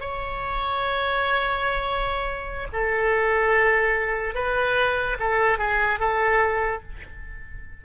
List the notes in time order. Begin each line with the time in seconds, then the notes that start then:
0.00 C#5
2.72 A4
4.35 B4
5.19 A4
5.58 G#4
5.99 A4